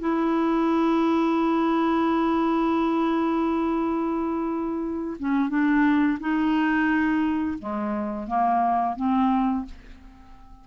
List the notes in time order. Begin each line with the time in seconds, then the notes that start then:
0.00 E4
5.19 C#4
5.50 D4
6.20 D#4
7.59 G#3
8.28 A#3
8.96 C4